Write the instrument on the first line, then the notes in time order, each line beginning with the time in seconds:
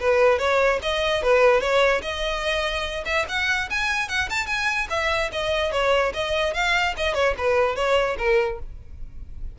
violin
0.00 B4
0.39 C#5
0.82 D#5
1.23 B4
1.61 C#5
2.02 D#5
3.06 E5
3.29 F#5
3.71 G#5
4.09 F#5
4.30 A5
4.47 G#5
4.90 E5
5.33 D#5
5.72 C#5
6.14 D#5
6.54 F5
6.97 D#5
7.15 C#5
7.38 B4
7.76 C#5
8.19 A#4